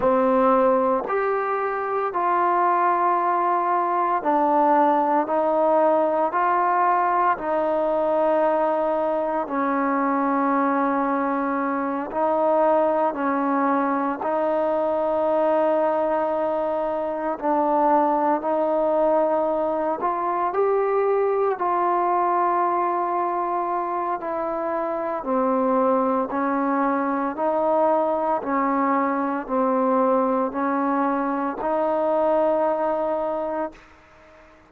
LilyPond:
\new Staff \with { instrumentName = "trombone" } { \time 4/4 \tempo 4 = 57 c'4 g'4 f'2 | d'4 dis'4 f'4 dis'4~ | dis'4 cis'2~ cis'8 dis'8~ | dis'8 cis'4 dis'2~ dis'8~ |
dis'8 d'4 dis'4. f'8 g'8~ | g'8 f'2~ f'8 e'4 | c'4 cis'4 dis'4 cis'4 | c'4 cis'4 dis'2 | }